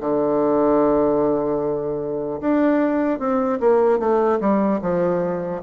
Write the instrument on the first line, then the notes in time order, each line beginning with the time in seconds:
bassoon
0.00 D3
2.40 D4
3.19 C4
3.60 A#3
3.99 A3
4.40 G3
4.81 F3